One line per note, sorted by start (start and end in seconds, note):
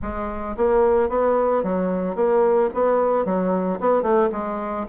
0.01 0.56 G#3
0.57 1.09 A#3
1.09 1.63 B3
1.63 2.15 F#3
2.15 2.69 A#3
2.73 3.25 B3
3.25 3.79 F#3
3.80 4.02 B3
4.02 4.29 A3
4.32 4.86 G#3